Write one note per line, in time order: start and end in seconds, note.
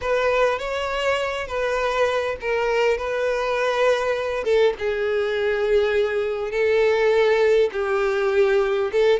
0.01 0.58 B4
0.58 1.47 C#5
1.47 2.36 B4
2.41 2.97 A#4
2.97 4.44 B4
4.44 4.73 A4
4.78 6.51 G#4
6.51 7.70 A4
7.72 8.91 G4
8.91 9.19 A4